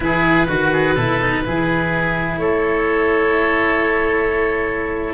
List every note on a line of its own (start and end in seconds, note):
0.00 0.46 E3
0.00 0.47 E4
0.00 0.47 G#4
0.00 2.38 B4
0.47 0.96 D#3
0.47 0.71 F#4
0.47 0.96 F#4
0.72 0.94 G#4
0.94 1.44 B2
0.94 1.20 E4
0.94 1.42 A4
1.20 1.44 D#4
1.45 2.38 E3
1.45 5.13 E4
1.45 2.40 G#4
2.38 5.13 A3
2.38 5.13 A4
2.38 5.13 C#5